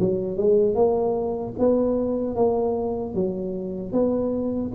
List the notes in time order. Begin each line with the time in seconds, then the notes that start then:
0.00 F#3
0.38 G#3
0.75 A#3
1.59 B3
2.36 A#3
3.15 F#3
3.93 B3